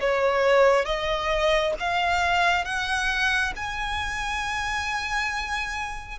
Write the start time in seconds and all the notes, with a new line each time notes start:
0.00 C#5
0.85 D#5
1.79 F5
2.65 F#5
3.56 G#5